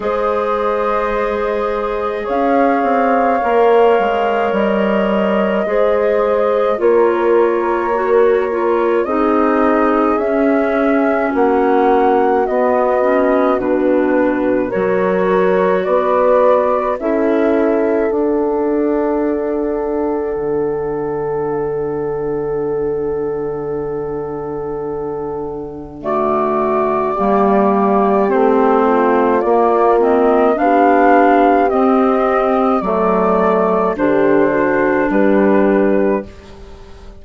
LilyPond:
<<
  \new Staff \with { instrumentName = "flute" } { \time 4/4 \tempo 4 = 53 dis''2 f''2 | dis''2 cis''2 | dis''4 e''4 fis''4 dis''4 | b'4 cis''4 d''4 e''4 |
fis''1~ | fis''2. d''4~ | d''4 c''4 d''8 dis''8 f''4 | dis''4 d''4 c''4 b'4 | }
  \new Staff \with { instrumentName = "horn" } { \time 4/4 c''2 cis''2~ | cis''4 c''4 ais'2 | gis'2 fis'2~ | fis'4 ais'4 b'4 a'4~ |
a'1~ | a'2. fis'4 | g'4. f'4. g'4~ | g'4 a'4 g'8 fis'8 g'4 | }
  \new Staff \with { instrumentName = "clarinet" } { \time 4/4 gis'2. ais'4~ | ais'4 gis'4 f'4 fis'8 f'8 | dis'4 cis'2 b8 cis'8 | d'4 fis'2 e'4 |
d'1~ | d'2. a4 | ais4 c'4 ais8 c'8 d'4 | c'4 a4 d'2 | }
  \new Staff \with { instrumentName = "bassoon" } { \time 4/4 gis2 cis'8 c'8 ais8 gis8 | g4 gis4 ais2 | c'4 cis'4 ais4 b4 | b,4 fis4 b4 cis'4 |
d'2 d2~ | d1 | g4 a4 ais4 b4 | c'4 fis4 d4 g4 | }
>>